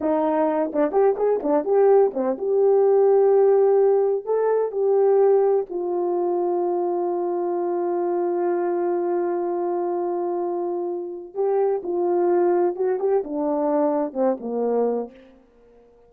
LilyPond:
\new Staff \with { instrumentName = "horn" } { \time 4/4 \tempo 4 = 127 dis'4. d'8 g'8 gis'8 d'8 g'8~ | g'8 c'8 g'2.~ | g'4 a'4 g'2 | f'1~ |
f'1~ | f'1 | g'4 f'2 fis'8 g'8 | d'2 c'8 ais4. | }